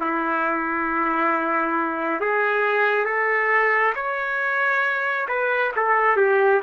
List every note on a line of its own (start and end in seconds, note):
0.00 2.21 E4
2.21 3.05 G#4
3.05 3.93 A4
3.95 5.27 C#5
5.28 5.72 B4
5.76 6.17 A4
6.17 6.61 G4